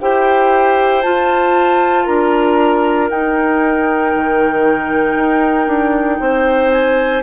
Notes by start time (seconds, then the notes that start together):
0.00 E4 G4 C5 G5
1.02 F4 A5
2.04 D4 A#4 A#5
3.10 D#4 G5
4.15 D#3
5.16 D#4
5.67 D4
6.20 C4 C5
6.71 G#5